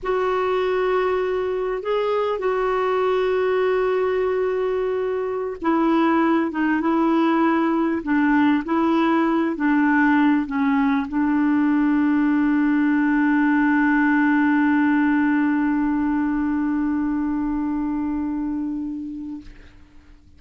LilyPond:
\new Staff \with { instrumentName = "clarinet" } { \time 4/4 \tempo 4 = 99 fis'2. gis'4 | fis'1~ | fis'4~ fis'16 e'4. dis'8 e'8.~ | e'4~ e'16 d'4 e'4. d'16~ |
d'4~ d'16 cis'4 d'4.~ d'16~ | d'1~ | d'1~ | d'1 | }